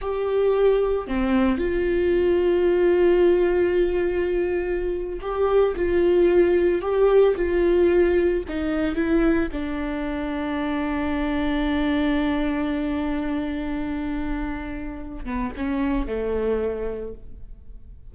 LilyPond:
\new Staff \with { instrumentName = "viola" } { \time 4/4 \tempo 4 = 112 g'2 c'4 f'4~ | f'1~ | f'4.~ f'16 g'4 f'4~ f'16~ | f'8. g'4 f'2 dis'16~ |
dis'8. e'4 d'2~ d'16~ | d'1~ | d'1~ | d'8 b8 cis'4 a2 | }